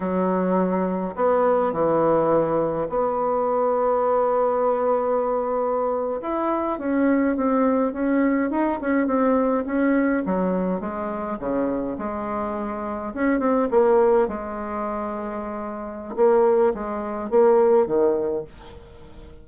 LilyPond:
\new Staff \with { instrumentName = "bassoon" } { \time 4/4 \tempo 4 = 104 fis2 b4 e4~ | e4 b2.~ | b2~ b8. e'4 cis'16~ | cis'8. c'4 cis'4 dis'8 cis'8 c'16~ |
c'8. cis'4 fis4 gis4 cis16~ | cis8. gis2 cis'8 c'8 ais16~ | ais8. gis2.~ gis16 | ais4 gis4 ais4 dis4 | }